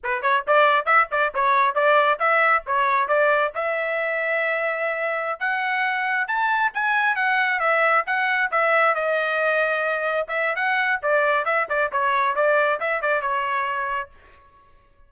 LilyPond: \new Staff \with { instrumentName = "trumpet" } { \time 4/4 \tempo 4 = 136 b'8 cis''8 d''4 e''8 d''8 cis''4 | d''4 e''4 cis''4 d''4 | e''1~ | e''16 fis''2 a''4 gis''8.~ |
gis''16 fis''4 e''4 fis''4 e''8.~ | e''16 dis''2. e''8. | fis''4 d''4 e''8 d''8 cis''4 | d''4 e''8 d''8 cis''2 | }